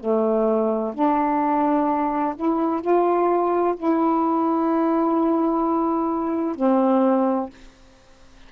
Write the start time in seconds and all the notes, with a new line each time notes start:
0.00 A3
0.94 D4
2.36 E4
2.81 F4
3.77 E4
6.56 C4